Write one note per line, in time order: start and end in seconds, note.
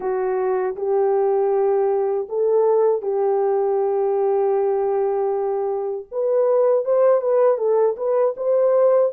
0.00 0.75 F#4
0.76 2.28 G4
2.29 3.01 A4
3.01 6.05 G4
6.11 6.84 B4
6.84 7.21 C5
7.21 7.57 B4
7.57 7.95 A4
7.96 8.34 B4
8.36 9.12 C5